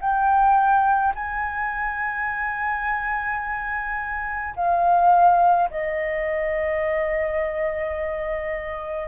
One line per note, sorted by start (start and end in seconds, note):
0.00 1.13 G5
1.15 4.54 G#5
4.56 5.69 F5
5.70 9.08 D#5